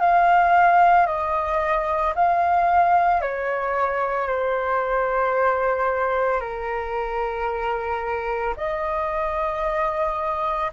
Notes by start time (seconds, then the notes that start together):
0.00 F5
1.07 D#5
2.15 F5
3.21 C#5
4.28 C5
6.40 A#4
8.57 D#5